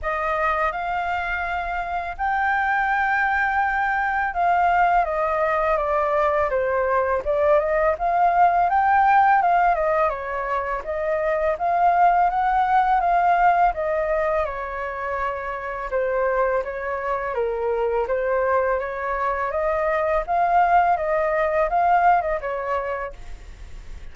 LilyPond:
\new Staff \with { instrumentName = "flute" } { \time 4/4 \tempo 4 = 83 dis''4 f''2 g''4~ | g''2 f''4 dis''4 | d''4 c''4 d''8 dis''8 f''4 | g''4 f''8 dis''8 cis''4 dis''4 |
f''4 fis''4 f''4 dis''4 | cis''2 c''4 cis''4 | ais'4 c''4 cis''4 dis''4 | f''4 dis''4 f''8. dis''16 cis''4 | }